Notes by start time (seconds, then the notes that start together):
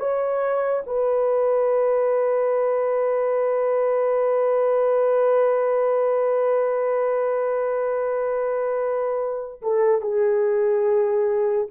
0.00 C#5
0.87 B4
9.62 A4
10.02 G#4